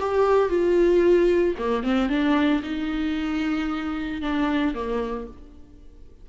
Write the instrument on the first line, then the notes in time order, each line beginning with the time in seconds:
viola
0.00 G4
0.49 F4
1.58 A#3
1.83 C4
2.09 D4
2.63 D#4
4.21 D4
4.74 A#3